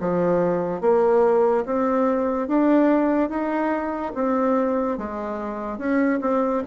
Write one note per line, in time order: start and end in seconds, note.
0.00 0.81 F3
0.81 1.64 A#3
1.66 2.48 C4
2.48 3.29 D4
3.29 4.12 D#4
4.14 4.98 C4
4.98 5.78 G#3
5.78 6.20 C#4
6.21 6.63 C4